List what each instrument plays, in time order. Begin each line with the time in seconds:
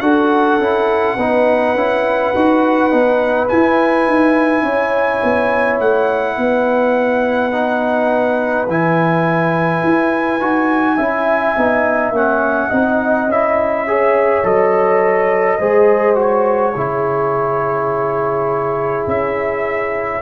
0.00 tuba D4, trombone F#4, horn A4, trumpet F#5
0.59 tuba C#4, trombone E4
1.17 tuba B3, trombone D#4, horn B4
1.75 tuba C#4, trombone E4
2.35 tuba D#4, trombone F#4
2.91 tuba B3, trombone D#4
3.48 trombone E4, tuba E4, trumpet G#5
4.07 tuba D#4
4.62 tuba C#4, horn C#5
5.23 tuba B3
5.80 tuba A3, trumpet F#5
6.37 tuba B3, horn B4
7.52 trombone D#4
8.68 tuba E3, trombone E4, trumpet G#5
9.83 tuba E4
10.40 tuba D#4, trombone F#4
10.96 tuba C#4, trombone E4, horn E5
11.57 tuba B3, trombone D#4
12.11 tuba A#3, trombone C#4, trumpet F#5
12.69 tuba C4, trombone D#4, horn D#5
13.27 tuba C#4, trombone E4, trumpet E5
13.87 trombone G#4, horn C#5
14.44 tuba F#3, trombone A4, trumpet D#5
15.58 tuba G#3, trombone G#4, horn C5
16.15 trombone F#4, trumpet C#5
16.75 tuba C#3, trombone E4, horn G#4
19.07 tuba C#4, trumpet E5